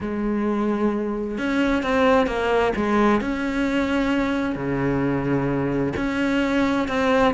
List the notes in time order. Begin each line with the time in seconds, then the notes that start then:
0.00 G#3
1.38 C#4
1.83 C4
2.27 A#3
2.75 G#3
3.20 C#4
4.55 C#3
5.96 C#4
6.88 C4